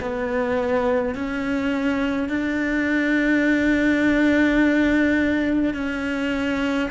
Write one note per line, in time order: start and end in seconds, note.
0.00 1.14 B3
1.14 2.29 C#4
2.29 5.74 D4
5.74 6.89 C#4